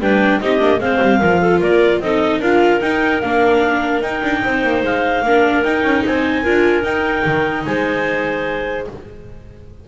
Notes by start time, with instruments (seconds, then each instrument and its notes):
0.00 double bass G3, viola D4, clarinet B4 G5
0.41 double bass C4, viola D#4, clarinet G4 D#5
0.59 double bass A#3, viola D4
0.79 double bass G#3, viola C4, clarinet C5 F5
1.02 double bass G3
1.20 double bass F3, viola F4, clarinet A#4
1.41 clarinet A4
1.60 double bass A#3, clarinet A#4 D5
2.00 double bass C4, viola D#4, clarinet A4 D#5
2.40 double bass D4, viola F4, clarinet A#4 F5
2.81 viola D#4, double bass D#4, clarinet G5
3.21 double bass A#3, viola D4, clarinet F5
4.02 double bass D#4, viola D#4, clarinet G5
4.23 double bass D4
4.45 double bass C4, clarinet C5
4.64 double bass A#3
4.83 double bass G#3, clarinet F5
5.23 double bass A#3, viola D4, clarinet A#4
5.64 double bass D#4, viola D#4, clarinet G5
5.84 double bass C#4
6.06 double bass C4, clarinet C5 G#5
6.43 double bass D4, viola F4, clarinet A#4
6.83 viola D#4, double bass D#4, clarinet G5
7.26 double bass D#3
7.65 double bass G#3, clarinet C5 G#5